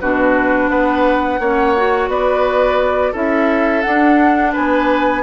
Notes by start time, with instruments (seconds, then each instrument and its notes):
0.00 bassoon B2, clarinet D4, oboe F#4, flute B4
0.69 bassoon B3, oboe B4, flute F#5
1.39 bassoon A#3, clarinet C#4, oboe C#5
1.77 clarinet F#4
2.08 bassoon B3, oboe B4, flute D5
3.12 bassoon C#4, clarinet E4, oboe A4, flute E5
3.82 clarinet D4, bassoon D4, flute F#5
4.52 bassoon B3, oboe B4, flute G#5